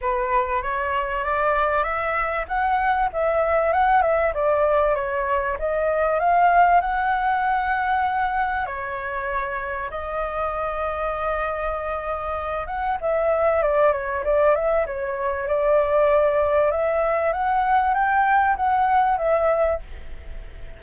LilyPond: \new Staff \with { instrumentName = "flute" } { \time 4/4 \tempo 4 = 97 b'4 cis''4 d''4 e''4 | fis''4 e''4 fis''8 e''8 d''4 | cis''4 dis''4 f''4 fis''4~ | fis''2 cis''2 |
dis''1~ | dis''8 fis''8 e''4 d''8 cis''8 d''8 e''8 | cis''4 d''2 e''4 | fis''4 g''4 fis''4 e''4 | }